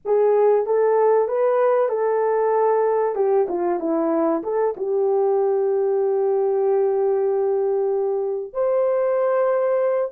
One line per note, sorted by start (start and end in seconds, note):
0.05 0.65 G#4
0.65 1.27 A4
1.27 1.88 B4
1.88 3.15 A4
3.15 3.47 G4
3.48 3.79 F4
3.79 4.42 E4
4.43 4.74 A4
4.77 8.53 G4
8.53 10.11 C5